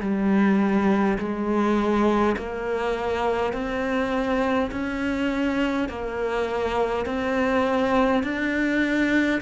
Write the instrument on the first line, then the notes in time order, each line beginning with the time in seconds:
cello
0.00 G3
1.18 G#3
2.36 A#3
3.52 C4
4.71 C#4
5.89 A#3
7.05 C4
8.23 D4